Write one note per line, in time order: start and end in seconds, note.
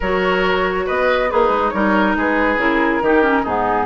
0.00 0.87 F#3
0.00 1.29 F#4
0.00 0.85 A#4
0.00 0.87 C#5
0.86 1.32 B3
0.86 1.29 B4
0.86 1.30 D#5
1.29 1.49 A#3
1.29 1.74 D#4
1.29 1.72 G#4
1.29 1.69 B4
1.49 1.70 G#3
1.69 2.16 G3
1.69 2.58 D#4
1.69 2.17 A#4
1.69 2.12 C#5
2.16 2.56 G#3
2.16 3.03 G#4
2.16 2.60 B4
2.56 3.00 C#3
2.56 3.01 E4
2.56 3.45 A#4
3.01 3.44 D#3
3.01 3.22 D#4
3.01 3.42 G4
3.22 3.44 C#4
3.42 3.86 G#2
3.42 3.86 B3
3.42 3.85 D#4
3.42 3.86 G#4